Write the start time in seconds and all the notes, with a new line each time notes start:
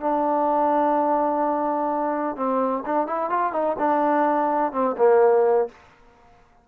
0.00 D4
2.36 C4
2.85 D4
3.07 E4
3.29 F4
3.52 D#4
3.78 D4
4.72 C4
4.97 A#3